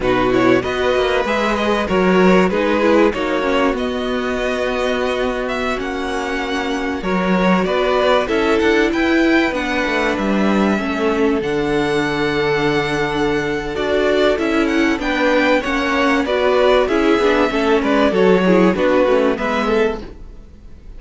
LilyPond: <<
  \new Staff \with { instrumentName = "violin" } { \time 4/4 \tempo 4 = 96 b'8 cis''8 dis''4 e''8 dis''8 cis''4 | b'4 cis''4 dis''2~ | dis''8. e''8 fis''2 cis''8.~ | cis''16 d''4 e''8 fis''8 g''4 fis''8.~ |
fis''16 e''2 fis''4.~ fis''16~ | fis''2 d''4 e''8 fis''8 | g''4 fis''4 d''4 e''4~ | e''8 d''8 cis''4 b'4 e''4 | }
  \new Staff \with { instrumentName = "violin" } { \time 4/4 fis'4 b'2 ais'4 | gis'4 fis'2.~ | fis'2.~ fis'16 ais'8.~ | ais'16 b'4 a'4 b'4.~ b'16~ |
b'4~ b'16 a'2~ a'8.~ | a'1 | b'4 cis''4 b'4 gis'4 | a'8 b'8 a'8 gis'8 fis'4 b'8 a'8 | }
  \new Staff \with { instrumentName = "viola" } { \time 4/4 dis'8 e'8 fis'4 gis'4 fis'4 | dis'8 e'8 dis'8 cis'8 b2~ | b4~ b16 cis'2 fis'8.~ | fis'4~ fis'16 e'2 d'8.~ |
d'4~ d'16 cis'4 d'4.~ d'16~ | d'2 fis'4 e'4 | d'4 cis'4 fis'4 e'8 d'8 | cis'4 fis'8 e'8 d'8 cis'8 b4 | }
  \new Staff \with { instrumentName = "cello" } { \time 4/4 b,4 b8 ais8 gis4 fis4 | gis4 ais4 b2~ | b4~ b16 ais2 fis8.~ | fis16 b4 cis'8 d'8 e'4 b8 a16~ |
a16 g4 a4 d4.~ d16~ | d2 d'4 cis'4 | b4 ais4 b4 cis'8 b8 | a8 gis8 fis4 b8 a8 gis4 | }
>>